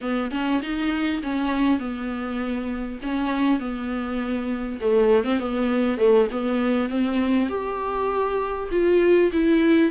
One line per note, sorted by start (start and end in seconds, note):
0.01 0.31 B3
0.31 0.61 C#4
0.62 1.22 D#4
1.22 1.79 C#4
1.79 2.99 B3
3.02 3.59 C#4
3.59 4.79 B3
4.81 5.24 A3
5.24 5.39 C4
5.39 5.97 B3
5.97 6.27 A3
6.31 6.89 B3
6.89 7.49 C4
7.49 8.69 G4
8.71 9.31 F4
9.32 9.91 E4